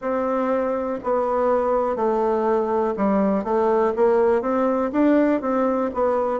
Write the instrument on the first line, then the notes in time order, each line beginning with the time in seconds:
bassoon
0.00 C4
1.03 B3
1.96 A3
2.96 G3
3.43 A3
3.96 A#3
4.41 C4
4.92 D4
5.41 C4
5.93 B3